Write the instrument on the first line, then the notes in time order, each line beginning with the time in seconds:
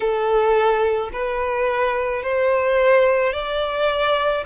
violin
0.00 A4
1.12 B4
2.22 C5
3.32 D5